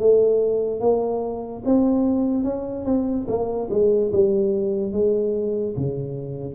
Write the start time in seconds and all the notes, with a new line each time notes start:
0.00 A3
0.80 A#3
1.65 C4
2.44 C#4
2.85 C4
3.28 A#3
3.70 G#3
4.12 G3
4.92 G#3
5.77 C#3